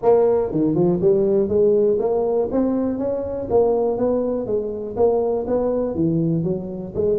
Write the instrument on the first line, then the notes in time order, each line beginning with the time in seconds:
tuba
0.02 A#3
0.51 D#3
0.74 F3
1.01 G3
1.48 G#3
1.99 A#3
2.51 C4
2.98 C#4
3.50 A#3
3.97 B3
4.46 G#3
4.96 A#3
5.47 B3
5.95 E3
6.43 F#3
6.94 G#3